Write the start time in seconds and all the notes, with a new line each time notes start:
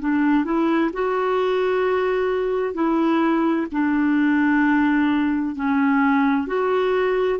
0.00 D4
0.44 E4
0.93 F#4
2.74 E4
3.72 D4
5.55 C#4
6.47 F#4